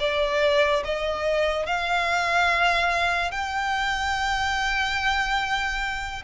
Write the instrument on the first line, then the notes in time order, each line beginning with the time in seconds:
violin
0.00 D5
0.84 D#5
1.66 F5
3.31 G5